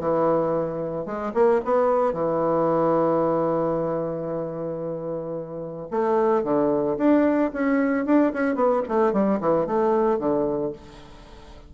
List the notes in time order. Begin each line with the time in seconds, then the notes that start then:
0.00 E3
1.06 G#3
1.34 A#3
1.65 B3
2.14 E3
5.91 A3
6.44 D3
6.98 D4
7.54 C#4
8.06 D4
8.34 C#4
8.56 B3
8.89 A3
9.13 G3
9.41 E3
9.67 A3
10.19 D3